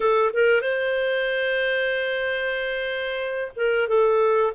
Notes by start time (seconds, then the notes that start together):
0.00 A4
0.33 A#4
0.61 C5
3.55 A#4
3.88 A4